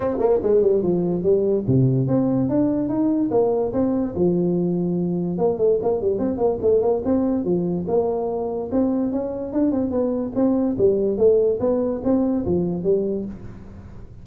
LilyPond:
\new Staff \with { instrumentName = "tuba" } { \time 4/4 \tempo 4 = 145 c'8 ais8 gis8 g8 f4 g4 | c4 c'4 d'4 dis'4 | ais4 c'4 f2~ | f4 ais8 a8 ais8 g8 c'8 ais8 |
a8 ais8 c'4 f4 ais4~ | ais4 c'4 cis'4 d'8 c'8 | b4 c'4 g4 a4 | b4 c'4 f4 g4 | }